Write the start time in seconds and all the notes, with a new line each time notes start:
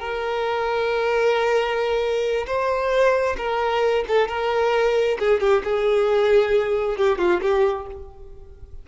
0.00 A#4
2.47 C5
3.37 A#4
4.08 A4
4.28 A#4
5.19 G#4
5.40 G4
5.64 G#4
6.97 G4
7.18 F4
7.41 G4